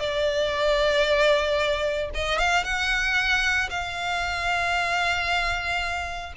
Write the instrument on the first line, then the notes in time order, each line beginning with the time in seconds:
violin
0.00 D5
2.15 D#5
2.39 F5
2.64 F#5
3.71 F5